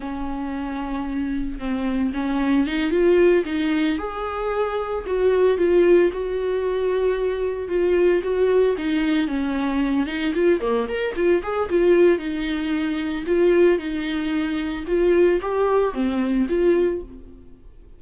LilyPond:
\new Staff \with { instrumentName = "viola" } { \time 4/4 \tempo 4 = 113 cis'2. c'4 | cis'4 dis'8 f'4 dis'4 gis'8~ | gis'4. fis'4 f'4 fis'8~ | fis'2~ fis'8 f'4 fis'8~ |
fis'8 dis'4 cis'4. dis'8 f'8 | ais8 ais'8 f'8 gis'8 f'4 dis'4~ | dis'4 f'4 dis'2 | f'4 g'4 c'4 f'4 | }